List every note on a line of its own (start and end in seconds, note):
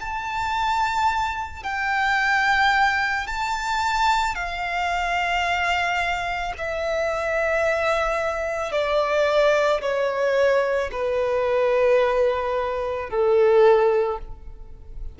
0.00 1.63 A5
1.63 3.27 G5
3.27 4.35 A5
4.35 6.53 F5
6.58 8.72 E5
8.72 9.81 D5
9.81 10.90 C#5
10.92 13.10 B4
13.10 14.19 A4